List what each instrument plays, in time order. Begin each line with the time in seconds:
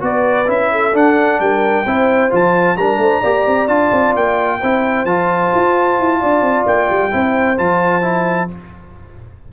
0.00 tuba B3, trombone F#4, horn B4, trumpet D5
0.47 tuba C#4, trombone E4, trumpet E5
0.72 horn A4
0.94 trombone D4, tuba D4, trumpet F#5
1.40 tuba G3, horn A#4, trumpet G5
1.86 tuba C4, trombone E4, horn C5
2.30 tuba F3, trombone F4, trumpet A5
2.77 tuba G3, trombone D4, horn A#4, trumpet A#5
2.98 tuba A3, horn C5
3.20 tuba A#3, trombone G4, horn D5
3.47 tuba C4
3.68 tuba D4, trombone F4, trumpet A5
3.92 tuba C4
4.15 tuba A#3, trumpet G5
4.61 tuba C4, trombone E4, horn C5
5.05 tuba F3, trombone F4, trumpet A5
5.55 tuba F4
5.99 tuba E4
6.20 tuba D4, horn D5
6.41 tuba C4
6.66 tuba A#3, trumpet G5
6.90 tuba G3
7.11 tuba C4, trombone E4, horn C5
7.58 tuba F3, trombone F4, trumpet A5
8.02 trombone E4